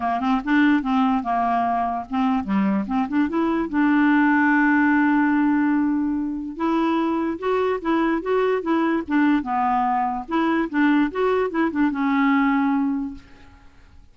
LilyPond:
\new Staff \with { instrumentName = "clarinet" } { \time 4/4 \tempo 4 = 146 ais8 c'8 d'4 c'4 ais4~ | ais4 c'4 g4 c'8 d'8 | e'4 d'2.~ | d'1 |
e'2 fis'4 e'4 | fis'4 e'4 d'4 b4~ | b4 e'4 d'4 fis'4 | e'8 d'8 cis'2. | }